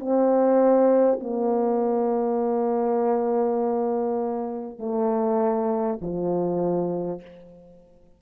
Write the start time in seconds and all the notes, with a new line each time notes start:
0.00 C4
1.20 A#3
4.79 A3
6.02 F3